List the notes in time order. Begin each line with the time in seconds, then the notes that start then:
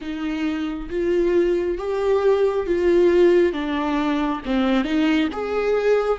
0.01 D#4
0.89 F4
1.78 G4
2.66 F4
3.53 D4
4.45 C4
4.84 D#4
5.32 G#4